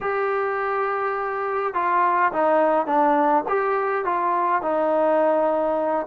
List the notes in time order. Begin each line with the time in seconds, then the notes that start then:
0.00 G4
1.74 F4
2.32 D#4
2.86 D4
3.48 G4
4.04 F4
4.62 D#4